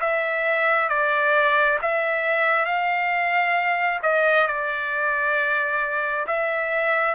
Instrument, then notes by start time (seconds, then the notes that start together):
trumpet
0.00 E5
0.89 D5
1.82 E5
2.65 F5
4.03 D#5
4.47 D5
6.27 E5